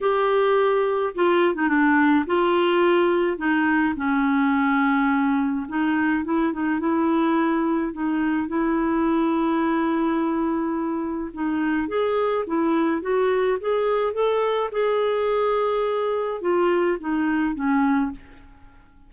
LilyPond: \new Staff \with { instrumentName = "clarinet" } { \time 4/4 \tempo 4 = 106 g'2 f'8. dis'16 d'4 | f'2 dis'4 cis'4~ | cis'2 dis'4 e'8 dis'8 | e'2 dis'4 e'4~ |
e'1 | dis'4 gis'4 e'4 fis'4 | gis'4 a'4 gis'2~ | gis'4 f'4 dis'4 cis'4 | }